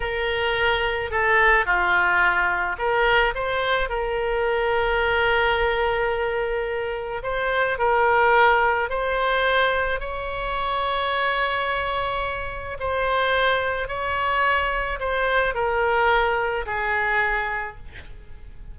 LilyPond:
\new Staff \with { instrumentName = "oboe" } { \time 4/4 \tempo 4 = 108 ais'2 a'4 f'4~ | f'4 ais'4 c''4 ais'4~ | ais'1~ | ais'4 c''4 ais'2 |
c''2 cis''2~ | cis''2. c''4~ | c''4 cis''2 c''4 | ais'2 gis'2 | }